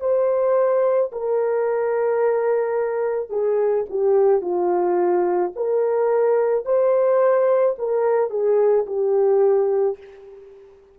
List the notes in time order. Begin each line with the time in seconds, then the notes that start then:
0.00 C5
1.12 A#4
3.29 G#4
3.89 G4
4.41 F4
5.56 A#4
6.65 C5
7.78 A#4
8.30 G#4
8.86 G4